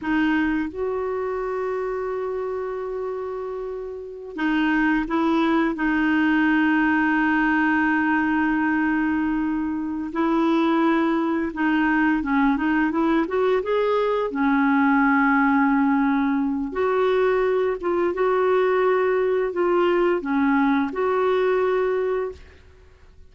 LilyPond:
\new Staff \with { instrumentName = "clarinet" } { \time 4/4 \tempo 4 = 86 dis'4 fis'2.~ | fis'2~ fis'16 dis'4 e'8.~ | e'16 dis'2.~ dis'8.~ | dis'2~ dis'8 e'4.~ |
e'8 dis'4 cis'8 dis'8 e'8 fis'8 gis'8~ | gis'8 cis'2.~ cis'8 | fis'4. f'8 fis'2 | f'4 cis'4 fis'2 | }